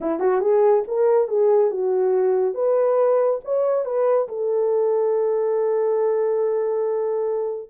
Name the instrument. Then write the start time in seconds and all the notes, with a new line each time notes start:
horn
0.00 E4
0.19 F#4
0.41 G#4
0.87 A#4
1.27 G#4
1.70 F#4
2.54 B4
3.44 C#5
3.85 B4
4.28 A4